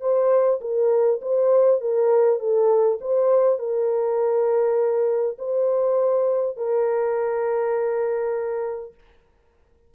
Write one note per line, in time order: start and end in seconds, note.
0.00 0.59 C5
0.60 1.20 A#4
1.21 1.80 C5
1.80 2.39 A#4
2.39 2.99 A4
3.01 3.58 C5
3.58 5.37 A#4
5.38 6.56 C5
6.56 8.94 A#4